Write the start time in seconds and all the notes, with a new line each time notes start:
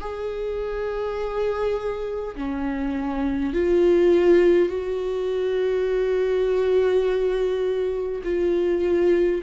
0.00 G#4
2.35 C#4
3.53 F4
4.68 F#4
8.24 F4